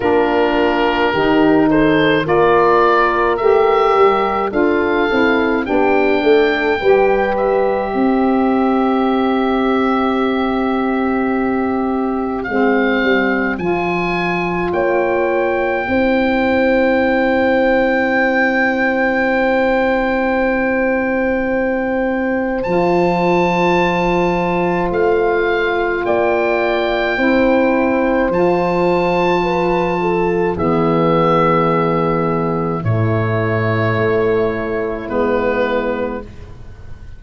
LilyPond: <<
  \new Staff \with { instrumentName = "oboe" } { \time 4/4 \tempo 4 = 53 ais'4. c''8 d''4 e''4 | f''4 g''4. e''4.~ | e''2. f''4 | gis''4 g''2.~ |
g''1 | a''2 f''4 g''4~ | g''4 a''2 e''4~ | e''4 cis''2 b'4 | }
  \new Staff \with { instrumentName = "horn" } { \time 4/4 f'4 g'8 a'8 ais'2 | a'4 g'8 a'8 b'4 c''4~ | c''1~ | c''4 cis''4 c''2~ |
c''1~ | c''2. d''4 | c''2 b'8 a'8 gis'4~ | gis'4 e'2. | }
  \new Staff \with { instrumentName = "saxophone" } { \time 4/4 d'4 dis'4 f'4 g'4 | f'8 e'8 d'4 g'2~ | g'2. c'4 | f'2 e'2~ |
e'1 | f'1 | e'4 f'2 b4~ | b4 a2 b4 | }
  \new Staff \with { instrumentName = "tuba" } { \time 4/4 ais4 dis4 ais4 a8 g8 | d'8 c'8 b8 a8 g4 c'4~ | c'2. gis8 g8 | f4 ais4 c'2~ |
c'1 | f2 a4 ais4 | c'4 f2 e4~ | e4 a,4 a4 gis4 | }
>>